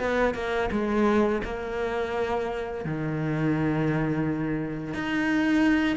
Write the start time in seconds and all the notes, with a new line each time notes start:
0.00 B3
0.35 A#3
0.72 G#3
1.44 A#3
2.85 D#3
4.94 D#4